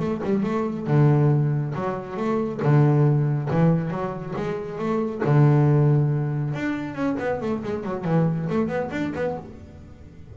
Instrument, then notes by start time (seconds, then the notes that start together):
double bass
0.00 A3
0.24 G3
0.43 A3
0.87 D3
1.75 F#3
2.17 A3
2.63 D3
3.51 E3
3.91 F#3
4.36 G#3
4.78 A3
5.25 D3
6.54 D4
6.95 C#4
7.20 B3
7.42 A3
7.63 G#3
7.84 F#3
8.05 E3
8.50 A3
8.68 B3
8.91 D4
9.16 B3